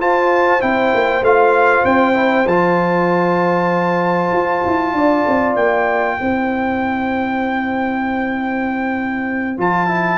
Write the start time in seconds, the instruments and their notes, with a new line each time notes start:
0.00 tuba F4, trombone F4, horn C5, trumpet A5
0.60 tuba C4, trombone E4, trumpet G5
0.94 tuba A#3
1.21 tuba A3, trombone F4, trumpet F5
1.85 tuba C4, trumpet G5
2.14 trombone E4
2.46 tuba F3, trombone F4, trumpet A5
4.32 tuba F4
4.65 tuba E4
4.93 tuba D4, horn D5
5.27 tuba C4
5.56 tuba A#3, trumpet G5
6.18 tuba C4, trombone E4, horn C5
9.58 tuba F3, trombone F4, trumpet A5
9.88 trombone E4